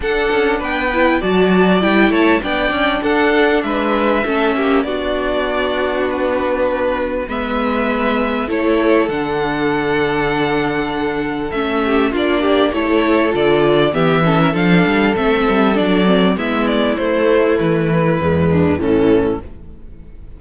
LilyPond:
<<
  \new Staff \with { instrumentName = "violin" } { \time 4/4 \tempo 4 = 99 fis''4 g''4 a''4 g''8 a''8 | g''4 fis''4 e''2 | d''2 b'2 | e''2 cis''4 fis''4~ |
fis''2. e''4 | d''4 cis''4 d''4 e''4 | f''4 e''4 d''4 e''8 d''8 | c''4 b'2 a'4 | }
  \new Staff \with { instrumentName = "violin" } { \time 4/4 a'4 b'4 d''4. cis''8 | d''4 a'4 b'4 a'8 g'8 | fis'1 | b'2 a'2~ |
a'2.~ a'8 g'8 | f'8 g'8 a'2 g'8 a'16 ais'16 | a'2. e'4~ | e'2~ e'8 d'8 cis'4 | }
  \new Staff \with { instrumentName = "viola" } { \time 4/4 d'4. e'8 fis'4 e'4 | d'2. cis'4 | d'1 | b2 e'4 d'4~ |
d'2. cis'4 | d'4 e'4 f'4 b8 cis'8 | d'4 c'4 d'8 c'8 b4 | a2 gis4 e4 | }
  \new Staff \with { instrumentName = "cello" } { \time 4/4 d'8 cis'8 b4 fis4 g8 a8 | b8 cis'8 d'4 gis4 a8 ais8 | b1 | gis2 a4 d4~ |
d2. a4 | ais4 a4 d4 e4 | f8 g8 a8 g8 fis4 gis4 | a4 e4 e,4 a,4 | }
>>